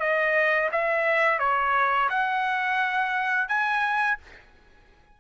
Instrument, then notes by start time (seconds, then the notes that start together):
trumpet
0.00 D#5
0.72 E5
1.40 C#5
2.10 F#5
3.49 G#5